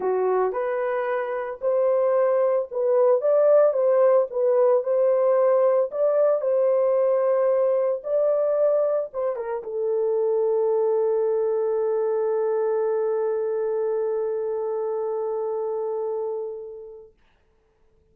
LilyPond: \new Staff \with { instrumentName = "horn" } { \time 4/4 \tempo 4 = 112 fis'4 b'2 c''4~ | c''4 b'4 d''4 c''4 | b'4 c''2 d''4 | c''2. d''4~ |
d''4 c''8 ais'8 a'2~ | a'1~ | a'1~ | a'1 | }